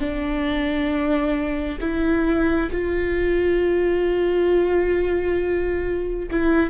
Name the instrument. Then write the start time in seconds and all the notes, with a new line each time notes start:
viola
0.00 D4
1.81 E4
2.72 F4
6.31 E4